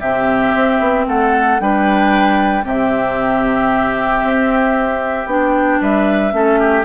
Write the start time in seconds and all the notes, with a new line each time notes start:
0.00 C3 C4 G4 E5
0.55 C4
0.80 B3
1.08 A3 A4 F#5
1.60 G3 D4 B4 G5
2.64 C3 C4 G4 E5
4.24 C4
5.27 B3 D4 G5
5.81 G3 B4 E5
6.32 A3 C#4 A4
6.60 G4